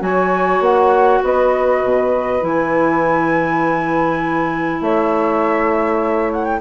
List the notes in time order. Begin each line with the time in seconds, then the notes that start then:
0.00 F#3 F#4 C#5 G#5
0.60 A#3 F#5
1.23 B3 B4 D#5
1.83 B2
2.41 E3 E4 G#5
4.81 A3 C#5 E5
6.33 F#5
6.45 G5